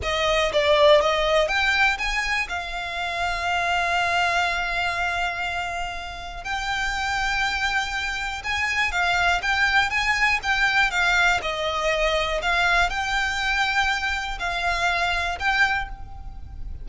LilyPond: \new Staff \with { instrumentName = "violin" } { \time 4/4 \tempo 4 = 121 dis''4 d''4 dis''4 g''4 | gis''4 f''2.~ | f''1~ | f''4 g''2.~ |
g''4 gis''4 f''4 g''4 | gis''4 g''4 f''4 dis''4~ | dis''4 f''4 g''2~ | g''4 f''2 g''4 | }